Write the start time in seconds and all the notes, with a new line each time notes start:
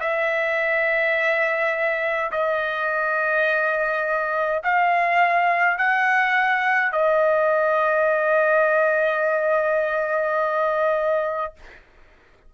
0.00 E5
2.31 D#5
4.63 F5
5.77 F#5
6.92 D#5